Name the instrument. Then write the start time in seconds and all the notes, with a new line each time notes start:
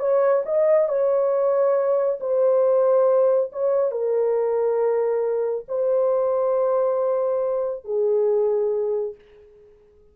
horn
0.00 C#5
0.46 D#5
0.89 C#5
2.21 C5
3.53 C#5
3.92 A#4
5.68 C5
7.85 G#4